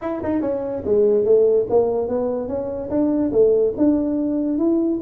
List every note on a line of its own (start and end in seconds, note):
0.01 0.22 E4
0.23 0.41 D#4
0.41 0.83 C#4
0.85 1.24 G#3
1.24 1.66 A3
1.69 2.08 A#3
2.08 2.48 B3
2.48 2.89 C#4
2.89 3.31 D4
3.31 3.73 A3
3.77 4.58 D4
4.58 4.99 E4